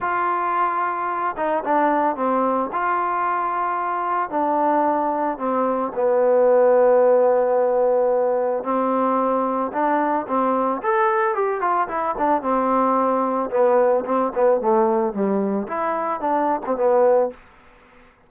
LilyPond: \new Staff \with { instrumentName = "trombone" } { \time 4/4 \tempo 4 = 111 f'2~ f'8 dis'8 d'4 | c'4 f'2. | d'2 c'4 b4~ | b1 |
c'2 d'4 c'4 | a'4 g'8 f'8 e'8 d'8 c'4~ | c'4 b4 c'8 b8 a4 | g4 e'4 d'8. c'16 b4 | }